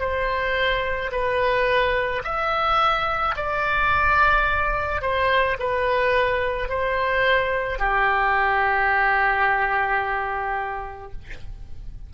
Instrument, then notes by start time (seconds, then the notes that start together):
oboe
0.00 C5
1.12 B4
2.24 E5
3.36 D5
5.02 C5
5.60 B4
6.69 C5
7.79 G4